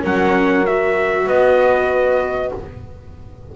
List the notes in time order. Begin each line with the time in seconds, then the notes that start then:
0.00 F#3 C#4 A#4 F#5
0.67 F#4 E5
1.26 B3 B4 D#5